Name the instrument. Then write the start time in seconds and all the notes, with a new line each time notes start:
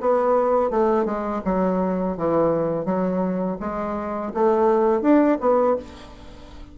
bassoon
0.00 B3
0.70 A3
1.05 G#3
1.45 F#3
2.17 E3
2.85 F#3
3.60 G#3
4.34 A3
5.01 D4
5.40 B3